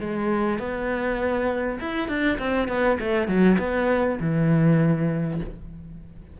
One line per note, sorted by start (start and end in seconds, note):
0.00 0.59 G#3
0.59 1.79 B3
1.80 2.08 E4
2.08 2.38 D4
2.38 2.68 C4
2.68 2.98 B3
2.99 3.28 A3
3.28 3.58 F#3
3.58 4.18 B3
4.20 5.40 E3